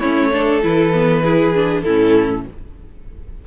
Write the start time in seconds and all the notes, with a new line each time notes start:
0.00 A3 C#4 E4 C#5
0.33 D4 A4
0.63 E3 E4 B4
0.94 B3
1.23 E4 G#4
1.55 D4
1.82 A2 C#4 E4 A4